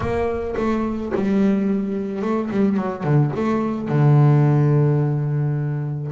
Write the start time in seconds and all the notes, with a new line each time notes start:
0.00 A#3
0.56 A3
1.14 G3
2.21 A3
2.50 G3
2.76 F#3
3.03 D3
3.36 A3
3.88 D3